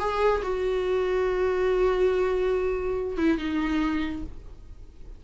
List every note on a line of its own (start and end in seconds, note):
0.00 0.42 G#4
0.43 3.17 F#4
3.17 3.38 E4
3.38 4.23 D#4